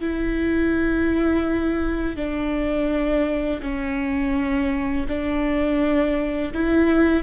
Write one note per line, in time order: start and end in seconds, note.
0.00 2.16 E4
2.16 3.61 D4
3.62 5.06 C#4
5.08 6.53 D4
6.53 7.23 E4